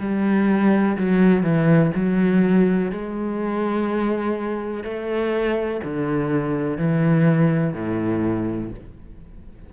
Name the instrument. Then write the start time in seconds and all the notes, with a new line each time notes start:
cello
0.00 G3
0.97 F#3
1.43 E3
1.95 F#3
2.92 G#3
4.84 A3
5.84 D3
6.78 E3
7.74 A2